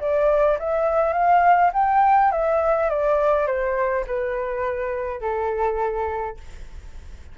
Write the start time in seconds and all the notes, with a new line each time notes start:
0.00 D5
0.59 E5
1.13 F5
1.73 G5
2.32 E5
2.90 D5
3.47 C5
4.07 B4
5.21 A4